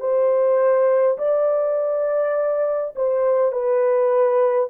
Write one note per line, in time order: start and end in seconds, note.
0.00 1.18 C5
1.18 2.94 D5
2.96 3.52 C5
3.52 4.70 B4